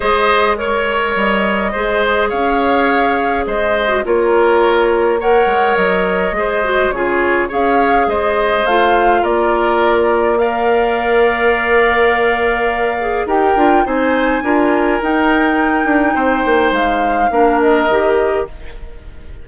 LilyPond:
<<
  \new Staff \with { instrumentName = "flute" } { \time 4/4 \tempo 4 = 104 dis''4 cis''4 dis''2 | f''2 dis''4 cis''4~ | cis''4 fis''4 dis''2 | cis''4 f''4 dis''4 f''4 |
d''2 f''2~ | f''2. g''4 | gis''2 g''2~ | g''4 f''4. dis''4. | }
  \new Staff \with { instrumentName = "oboe" } { \time 4/4 c''4 cis''2 c''4 | cis''2 c''4 ais'4~ | ais'4 cis''2 c''4 | gis'4 cis''4 c''2 |
ais'2 d''2~ | d''2. ais'4 | c''4 ais'2. | c''2 ais'2 | }
  \new Staff \with { instrumentName = "clarinet" } { \time 4/4 gis'4 ais'2 gis'4~ | gis'2~ gis'8. fis'16 f'4~ | f'4 ais'2 gis'8 fis'8 | f'4 gis'2 f'4~ |
f'2 ais'2~ | ais'2~ ais'8 gis'8 g'8 f'8 | dis'4 f'4 dis'2~ | dis'2 d'4 g'4 | }
  \new Staff \with { instrumentName = "bassoon" } { \time 4/4 gis2 g4 gis4 | cis'2 gis4 ais4~ | ais4. gis8 fis4 gis4 | cis4 cis'4 gis4 a4 |
ais1~ | ais2. dis'8 d'8 | c'4 d'4 dis'4. d'8 | c'8 ais8 gis4 ais4 dis4 | }
>>